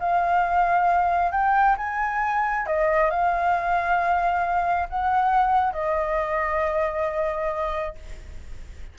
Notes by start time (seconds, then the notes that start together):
0.00 F5
1.32 G5
1.78 G#5
2.67 D#5
3.11 F5
4.90 F#5
5.73 D#5